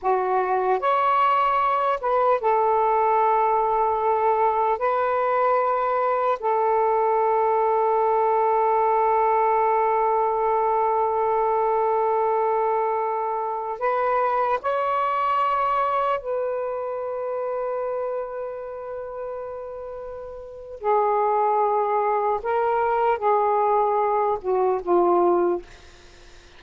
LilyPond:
\new Staff \with { instrumentName = "saxophone" } { \time 4/4 \tempo 4 = 75 fis'4 cis''4. b'8 a'4~ | a'2 b'2 | a'1~ | a'1~ |
a'4~ a'16 b'4 cis''4.~ cis''16~ | cis''16 b'2.~ b'8.~ | b'2 gis'2 | ais'4 gis'4. fis'8 f'4 | }